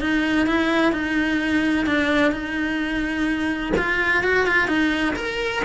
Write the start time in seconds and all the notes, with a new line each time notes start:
0.00 D#4
0.46 E4
0.92 D#4
1.86 D4
2.32 D#4
3.77 F4
4.23 F#4
4.46 F4
4.67 D#4
5.16 A#4